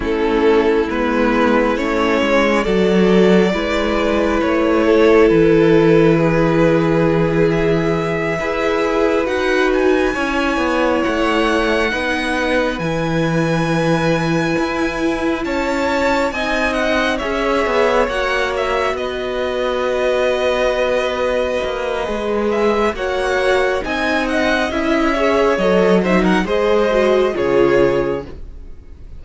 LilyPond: <<
  \new Staff \with { instrumentName = "violin" } { \time 4/4 \tempo 4 = 68 a'4 b'4 cis''4 d''4~ | d''4 cis''4 b'2~ | b'8 e''2 fis''8 gis''4~ | gis''8 fis''2 gis''4.~ |
gis''4. a''4 gis''8 fis''8 e''8~ | e''8 fis''8 e''8 dis''2~ dis''8~ | dis''4. e''8 fis''4 gis''8 fis''8 | e''4 dis''8 e''16 fis''16 dis''4 cis''4 | }
  \new Staff \with { instrumentName = "violin" } { \time 4/4 e'2. a'4 | b'4. a'4. gis'4~ | gis'4. b'2 cis''8~ | cis''4. b'2~ b'8~ |
b'4. cis''4 dis''4 cis''8~ | cis''4. b'2~ b'8~ | b'2 cis''4 dis''4~ | dis''8 cis''4 c''16 ais'16 c''4 gis'4 | }
  \new Staff \with { instrumentName = "viola" } { \time 4/4 cis'4 b4 cis'4 fis'4 | e'1~ | e'4. gis'4 fis'4 e'8~ | e'4. dis'4 e'4.~ |
e'2~ e'8 dis'4 gis'8~ | gis'8 fis'2.~ fis'8~ | fis'4 gis'4 fis'4 dis'4 | e'8 gis'8 a'8 dis'8 gis'8 fis'8 f'4 | }
  \new Staff \with { instrumentName = "cello" } { \time 4/4 a4 gis4 a8 gis8 fis4 | gis4 a4 e2~ | e4. e'4 dis'4 cis'8 | b8 a4 b4 e4.~ |
e8 e'4 cis'4 c'4 cis'8 | b8 ais4 b2~ b8~ | b8 ais8 gis4 ais4 c'4 | cis'4 fis4 gis4 cis4 | }
>>